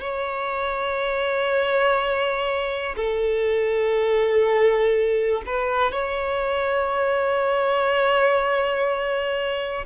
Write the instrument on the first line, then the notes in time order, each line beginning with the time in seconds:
violin
0.00 C#5
2.96 A4
5.45 B4
5.92 C#5